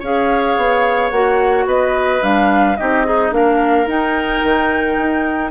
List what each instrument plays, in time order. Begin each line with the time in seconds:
0.00 bassoon C#4, clarinet G#4, oboe C#5, flute F5
0.57 bassoon B3
1.11 bassoon A#3, clarinet F#4, flute F#5
1.67 bassoon B3, oboe B4, flute D#5
2.21 bassoon G3, clarinet D4, flute F5
2.77 bassoon C4, clarinet D#4, oboe G4, flute D#5
3.06 oboe D#4, clarinet G#4
3.32 bassoon A#3, clarinet D4, oboe A#4, flute F5
3.87 bassoon D#4, clarinet D#4, flute G5
4.44 bassoon D#3
4.97 bassoon D#4